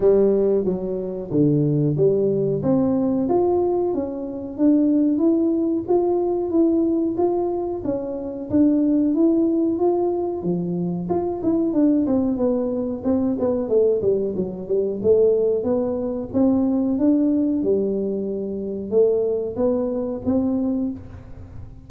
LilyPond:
\new Staff \with { instrumentName = "tuba" } { \time 4/4 \tempo 4 = 92 g4 fis4 d4 g4 | c'4 f'4 cis'4 d'4 | e'4 f'4 e'4 f'4 | cis'4 d'4 e'4 f'4 |
f4 f'8 e'8 d'8 c'8 b4 | c'8 b8 a8 g8 fis8 g8 a4 | b4 c'4 d'4 g4~ | g4 a4 b4 c'4 | }